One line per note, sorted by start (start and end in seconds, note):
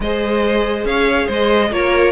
0.00 0.84 G#3
0.00 1.72 G#4
0.00 0.87 C5
0.00 0.86 D#5
0.84 1.27 C#4
0.84 1.26 C#5
0.84 1.29 F5
1.26 1.70 G#3
1.26 1.69 C5
1.32 1.72 D#5
1.70 2.11 A#3
1.70 2.11 F4
1.70 2.11 A#4
1.70 2.11 C#5